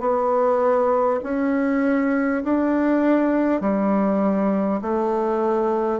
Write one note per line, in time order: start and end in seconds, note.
0.00 1.20 B3
1.23 2.43 C#4
2.44 3.61 D4
3.61 4.81 G3
4.82 5.99 A3